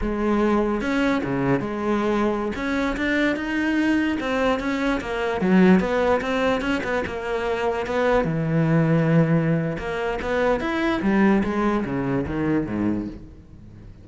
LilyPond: \new Staff \with { instrumentName = "cello" } { \time 4/4 \tempo 4 = 147 gis2 cis'4 cis4 | gis2~ gis16 cis'4 d'8.~ | d'16 dis'2 c'4 cis'8.~ | cis'16 ais4 fis4 b4 c'8.~ |
c'16 cis'8 b8 ais2 b8.~ | b16 e2.~ e8. | ais4 b4 e'4 g4 | gis4 cis4 dis4 gis,4 | }